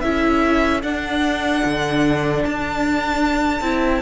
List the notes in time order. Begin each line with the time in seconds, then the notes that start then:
0.00 C#4 E4 A4 E5
0.82 D4 F#5
1.65 D3
2.45 D4 A5
3.60 C4 E4